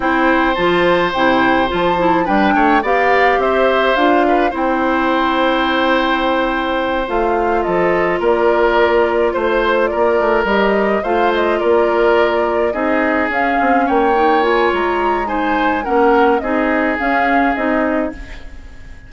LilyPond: <<
  \new Staff \with { instrumentName = "flute" } { \time 4/4 \tempo 4 = 106 g''4 a''4 g''4 a''4 | g''4 f''4 e''4 f''4 | g''1~ | g''8 f''4 dis''4 d''4.~ |
d''8 c''4 d''4 dis''4 f''8 | dis''8 d''2 dis''4 f''8~ | f''8 g''4 gis''8 ais''4 gis''4 | fis''4 dis''4 f''4 dis''4 | }
  \new Staff \with { instrumentName = "oboe" } { \time 4/4 c''1 | b'8 cis''8 d''4 c''4. b'8 | c''1~ | c''4. a'4 ais'4.~ |
ais'8 c''4 ais'2 c''8~ | c''8 ais'2 gis'4.~ | gis'8 cis''2~ cis''8 c''4 | ais'4 gis'2. | }
  \new Staff \with { instrumentName = "clarinet" } { \time 4/4 e'4 f'4 e'4 f'8 e'8 | d'4 g'2 f'4 | e'1~ | e'8 f'2.~ f'8~ |
f'2~ f'8 g'4 f'8~ | f'2~ f'8 dis'4 cis'8~ | cis'4 dis'8 f'4. dis'4 | cis'4 dis'4 cis'4 dis'4 | }
  \new Staff \with { instrumentName = "bassoon" } { \time 4/4 c'4 f4 c4 f4 | g8 a8 b4 c'4 d'4 | c'1~ | c'8 a4 f4 ais4.~ |
ais8 a4 ais8 a8 g4 a8~ | a8 ais2 c'4 cis'8 | c'8 ais4. gis2 | ais4 c'4 cis'4 c'4 | }
>>